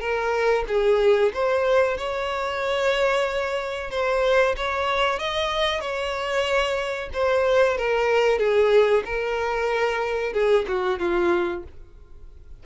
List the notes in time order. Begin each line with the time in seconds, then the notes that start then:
0.00 A#4
0.67 G#4
1.34 C5
1.97 C#5
3.91 C5
4.56 C#5
5.19 D#5
5.80 C#5
7.13 C5
7.77 A#4
8.38 G#4
9.05 A#4
10.33 G#4
10.67 F#4
10.99 F4